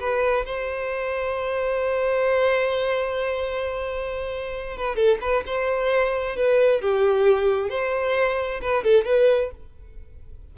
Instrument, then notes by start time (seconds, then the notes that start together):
violin
0.00 B4
0.46 C5
4.77 B4
4.96 A4
5.21 B4
5.47 C5
6.37 B4
6.82 G4
7.70 C5
8.62 B4
8.84 A4
9.06 B4